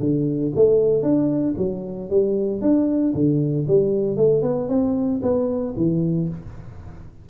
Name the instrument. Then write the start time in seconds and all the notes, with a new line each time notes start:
tuba
0.00 D3
0.56 A3
1.03 D4
1.57 F#3
2.10 G3
2.62 D4
3.14 D3
3.68 G3
4.17 A3
4.43 B3
4.69 C4
5.22 B3
5.77 E3